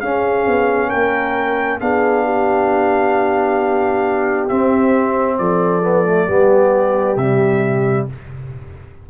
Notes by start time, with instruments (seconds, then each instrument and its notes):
0.00 tuba C#4, trombone C#4, horn G#4, trumpet F5
0.46 tuba B3
0.89 tuba A#3, horn A#4, trumpet G5
1.80 tuba B3, trombone D4, horn G#4, trumpet F5
2.24 horn G4
4.48 trombone C4, tuba C4, trumpet E5
5.37 tuba F3, horn A4, trumpet D5
5.82 trombone B3
6.04 trombone A3
6.27 tuba G3, trombone B3, horn G4
7.16 tuba C3, trombone G3, trumpet E5